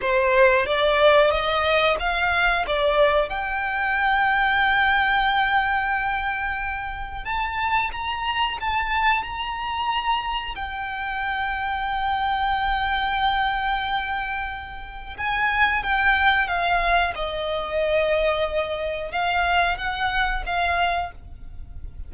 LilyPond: \new Staff \with { instrumentName = "violin" } { \time 4/4 \tempo 4 = 91 c''4 d''4 dis''4 f''4 | d''4 g''2.~ | g''2. a''4 | ais''4 a''4 ais''2 |
g''1~ | g''2. gis''4 | g''4 f''4 dis''2~ | dis''4 f''4 fis''4 f''4 | }